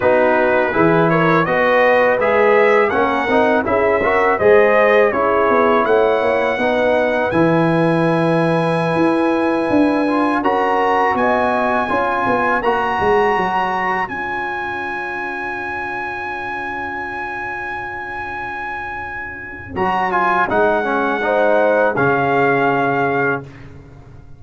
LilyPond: <<
  \new Staff \with { instrumentName = "trumpet" } { \time 4/4 \tempo 4 = 82 b'4. cis''8 dis''4 e''4 | fis''4 e''4 dis''4 cis''4 | fis''2 gis''2~ | gis''2~ gis''16 ais''4 gis''8.~ |
gis''4~ gis''16 ais''2 gis''8.~ | gis''1~ | gis''2. ais''8 gis''8 | fis''2 f''2 | }
  \new Staff \with { instrumentName = "horn" } { \time 4/4 fis'4 gis'8 ais'8 b'2 | ais'4 gis'8 ais'8 c''4 gis'4 | cis''4 b'2.~ | b'2~ b'16 ais'4 dis''8.~ |
dis''16 cis''2.~ cis''8.~ | cis''1~ | cis''1~ | cis''4 c''4 gis'2 | }
  \new Staff \with { instrumentName = "trombone" } { \time 4/4 dis'4 e'4 fis'4 gis'4 | cis'8 dis'8 e'8 fis'8 gis'4 e'4~ | e'4 dis'4 e'2~ | e'4.~ e'16 f'8 fis'4.~ fis'16~ |
fis'16 f'4 fis'2 f'8.~ | f'1~ | f'2. fis'8 f'8 | dis'8 cis'8 dis'4 cis'2 | }
  \new Staff \with { instrumentName = "tuba" } { \time 4/4 b4 e4 b4 gis4 | ais8 c'8 cis'4 gis4 cis'8 b8 | a8 ais8 b4 e2~ | e16 e'4 d'4 cis'4 b8.~ |
b16 cis'8 b8 ais8 gis8 fis4 cis'8.~ | cis'1~ | cis'2. fis4 | gis2 cis2 | }
>>